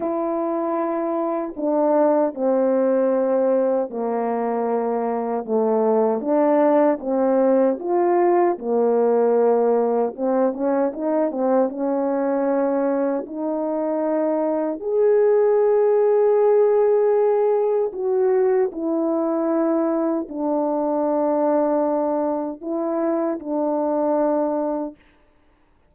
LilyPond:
\new Staff \with { instrumentName = "horn" } { \time 4/4 \tempo 4 = 77 e'2 d'4 c'4~ | c'4 ais2 a4 | d'4 c'4 f'4 ais4~ | ais4 c'8 cis'8 dis'8 c'8 cis'4~ |
cis'4 dis'2 gis'4~ | gis'2. fis'4 | e'2 d'2~ | d'4 e'4 d'2 | }